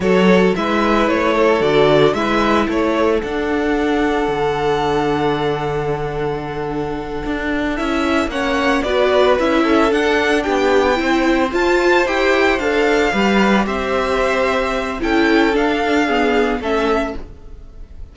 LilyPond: <<
  \new Staff \with { instrumentName = "violin" } { \time 4/4 \tempo 4 = 112 cis''4 e''4 cis''4 d''4 | e''4 cis''4 fis''2~ | fis''1~ | fis''2~ fis''8 e''4 fis''8~ |
fis''8 d''4 e''4 fis''4 g''8~ | g''4. a''4 g''4 f''8~ | f''4. e''2~ e''8 | g''4 f''2 e''4 | }
  \new Staff \with { instrumentName = "violin" } { \time 4/4 a'4 b'4. a'4. | b'4 a'2.~ | a'1~ | a'2.~ a'8 cis''8~ |
cis''8 b'4. a'4. g'8~ | g'8 c''2.~ c''8~ | c''8 b'4 c''2~ c''8 | a'2 gis'4 a'4 | }
  \new Staff \with { instrumentName = "viola" } { \time 4/4 fis'4 e'2 fis'4 | e'2 d'2~ | d'1~ | d'2~ d'8 e'4 cis'8~ |
cis'8 fis'4 e'4 d'4.~ | d'8 e'4 f'4 g'4 a'8~ | a'8 g'2.~ g'8 | e'4 d'4 b4 cis'4 | }
  \new Staff \with { instrumentName = "cello" } { \time 4/4 fis4 gis4 a4 d4 | gis4 a4 d'2 | d1~ | d4. d'4 cis'4 ais8~ |
ais8 b4 cis'4 d'4 b8~ | b8 c'4 f'4 e'4 d'8~ | d'8 g4 c'2~ c'8 | cis'4 d'2 a4 | }
>>